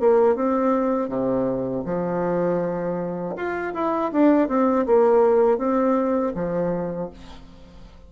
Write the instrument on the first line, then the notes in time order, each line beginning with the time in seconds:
bassoon
0.00 A#3
0.35 C4
1.09 C3
1.85 F3
3.36 F4
3.74 E4
4.12 D4
4.48 C4
4.86 A#3
5.58 C4
6.35 F3